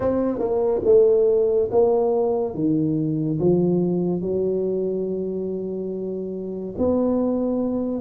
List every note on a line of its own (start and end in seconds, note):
0.00 0.38 C4
0.38 0.81 A#3
0.85 1.69 A3
1.71 2.54 A#3
2.54 3.38 D#3
3.39 4.21 F3
4.21 6.74 F#3
6.78 8.01 B3